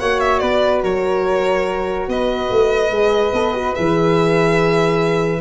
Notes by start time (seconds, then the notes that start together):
0.00 A#3 F#4 C#5 F#5
0.20 E5
0.39 B3 B4 D5
0.83 F#3 A#4 C#5
2.08 B3 B4 D#5
2.50 A3
2.90 G#3 G#4
3.33 B3 A4
3.54 F#4
3.75 E3 G#4 E5